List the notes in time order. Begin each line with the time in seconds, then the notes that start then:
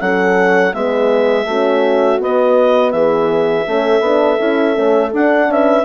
0.00 F#3 C#4 A4 F#5
0.73 G#3 B3 G#4 E5
1.45 A3 C#4 F#4
2.19 B3 D#5
2.91 E3 G#4 E5
3.66 A3 C#4 A4
4.00 B3 D4
4.38 C#4 E4
4.74 A3 C#4
5.13 D4 F#5
5.47 C#4 B4 E5